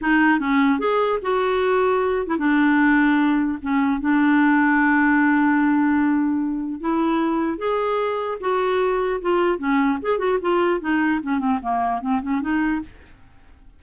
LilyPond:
\new Staff \with { instrumentName = "clarinet" } { \time 4/4 \tempo 4 = 150 dis'4 cis'4 gis'4 fis'4~ | fis'4.~ fis'16 e'16 d'2~ | d'4 cis'4 d'2~ | d'1~ |
d'4 e'2 gis'4~ | gis'4 fis'2 f'4 | cis'4 gis'8 fis'8 f'4 dis'4 | cis'8 c'8 ais4 c'8 cis'8 dis'4 | }